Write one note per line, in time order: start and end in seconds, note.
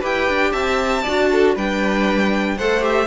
0.00 0.28 E4
0.00 1.03 G4
0.00 0.51 B4
0.00 0.52 G5
0.29 0.53 D4
0.52 1.04 C4
0.52 1.03 E5
0.52 1.54 A5
1.03 1.56 D4
1.03 1.56 F#4
1.03 1.28 D5
1.31 1.55 A4
1.55 2.58 G3
1.55 2.58 D4
1.55 2.56 B4
1.55 2.58 G5
2.56 3.06 A3
2.56 2.81 A4
2.56 3.06 C5
2.56 2.83 F#5
2.81 3.06 G4
2.81 3.06 E5